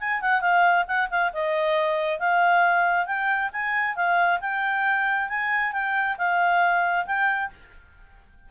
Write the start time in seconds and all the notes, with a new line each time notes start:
0.00 G#5
0.21 F#5
0.41 F5
0.87 F#5
1.10 F5
1.33 D#5
2.20 F5
3.06 G5
3.53 G#5
3.96 F5
4.41 G5
5.29 G#5
5.73 G5
6.18 F5
7.06 G5